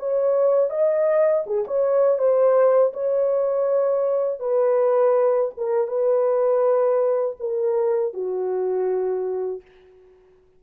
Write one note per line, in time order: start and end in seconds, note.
0.00 0.70 C#5
0.70 1.44 D#5
1.47 1.65 G#4
1.68 2.19 C#5
2.19 2.93 C5
2.94 4.40 C#5
4.40 5.51 B4
5.58 5.88 A#4
5.88 7.36 B4
7.40 8.14 A#4
8.14 9.62 F#4